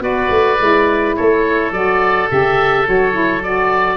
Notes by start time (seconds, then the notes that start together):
0.00 B3 F#4 B4 D5
0.30 A3
0.59 G#3 E4
1.16 A3 A4 C#5
1.72 F#3 F#4 D5
2.29 C#3 G4 E5
2.86 F#3 F#4 C#5
3.13 E4
3.43 F#4 D5